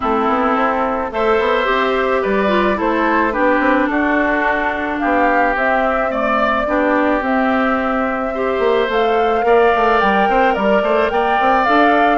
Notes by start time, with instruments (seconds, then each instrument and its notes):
0.00 bassoon A3, clarinet C4, oboe E4, flute A4
0.28 bassoon B3
0.55 bassoon C4
1.10 bassoon A3, clarinet A4, oboe C5, flute E5
1.39 bassoon B3
1.64 bassoon C4, clarinet G4
2.21 bassoon G3, oboe B4, flute D5
2.48 clarinet F4
2.75 bassoon A3, clarinet E4, oboe A4, flute C5
3.32 clarinet D4, oboe G4, flute B4
3.38 bassoon B3
3.59 bassoon C4
3.86 bassoon D4, oboe F#4, flute A4
4.98 bassoon B3, oboe G4, flute F5
5.55 bassoon C4, clarinet C4, flute E5
6.10 clarinet A3, oboe D5, flute D5
6.66 bassoon B3, clarinet D4, oboe G4
7.21 bassoon C4, clarinet C4, flute E5
8.34 clarinet G4, oboe C5
8.59 bassoon A#3
8.88 bassoon A3, clarinet A4, flute F5
9.41 bassoon A#3, clarinet A#4, oboe D5
9.74 bassoon A3
10.00 bassoon G3, flute G5
10.28 bassoon C4, oboe C5
10.53 bassoon G3, oboe A#4, flute D5
10.81 bassoon A3, oboe C5
11.10 bassoon A#3, oboe D5, flute G5
11.39 bassoon C4
11.64 bassoon D4, clarinet A4, flute F5